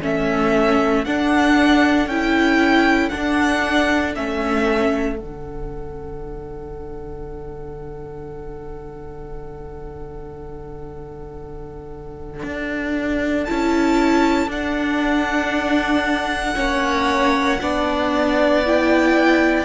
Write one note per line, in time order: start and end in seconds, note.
0.00 1.05 A3
0.00 1.05 C#4
0.00 16.55 A4
0.00 1.05 E5
1.05 2.06 D4
1.05 2.10 D4
1.05 2.08 F#5
2.06 3.09 C#4
2.06 3.11 E4
2.06 3.09 G5
3.09 4.14 D4
3.09 4.16 D4
3.09 4.12 F#5
4.15 5.19 A3
4.15 5.16 C#4
4.15 5.17 E5
5.16 12.43 D3
5.16 13.43 D4
5.16 13.45 F#5
12.43 13.46 D4
13.45 14.47 C#4
13.45 14.49 E4
13.45 14.48 A5
14.47 16.54 D4
14.47 16.55 D4
14.47 18.65 F#5
16.55 17.60 A#3
16.55 17.59 C#4
16.55 17.58 C#5
17.61 19.64 B3
17.61 18.65 D4
17.61 19.64 D5
18.66 19.64 E4
18.66 19.64 G5